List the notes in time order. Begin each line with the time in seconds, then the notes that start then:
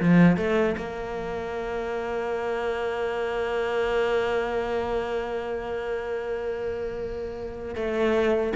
0.00 F3
0.36 A3
0.77 A#3
7.75 A3